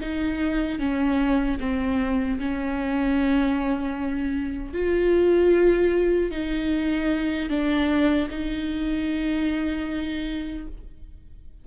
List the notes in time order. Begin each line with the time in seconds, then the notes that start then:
0.00 D#4
0.79 C#4
1.60 C4
2.39 C#4
4.73 F4
6.31 D#4
7.49 D4
8.30 D#4